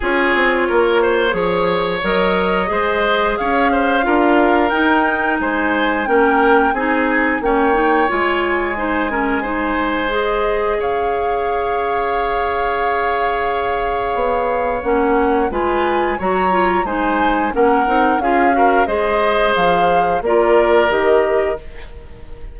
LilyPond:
<<
  \new Staff \with { instrumentName = "flute" } { \time 4/4 \tempo 4 = 89 cis''2. dis''4~ | dis''4 f''2 g''4 | gis''4 g''4 gis''4 g''4 | gis''2. dis''4 |
f''1~ | f''2 fis''4 gis''4 | ais''4 gis''4 fis''4 f''4 | dis''4 f''4 d''4 dis''4 | }
  \new Staff \with { instrumentName = "oboe" } { \time 4/4 gis'4 ais'8 c''8 cis''2 | c''4 cis''8 c''8 ais'2 | c''4 ais'4 gis'4 cis''4~ | cis''4 c''8 ais'8 c''2 |
cis''1~ | cis''2. b'4 | cis''4 c''4 ais'4 gis'8 ais'8 | c''2 ais'2 | }
  \new Staff \with { instrumentName = "clarinet" } { \time 4/4 f'2 gis'4 ais'4 | gis'2 f'4 dis'4~ | dis'4 cis'4 dis'4 cis'8 dis'8 | f'4 dis'8 cis'8 dis'4 gis'4~ |
gis'1~ | gis'2 cis'4 f'4 | fis'8 f'8 dis'4 cis'8 dis'8 f'8 fis'8 | gis'2 f'4 g'4 | }
  \new Staff \with { instrumentName = "bassoon" } { \time 4/4 cis'8 c'8 ais4 f4 fis4 | gis4 cis'4 d'4 dis'4 | gis4 ais4 c'4 ais4 | gis1 |
cis'1~ | cis'4 b4 ais4 gis4 | fis4 gis4 ais8 c'8 cis'4 | gis4 f4 ais4 dis4 | }
>>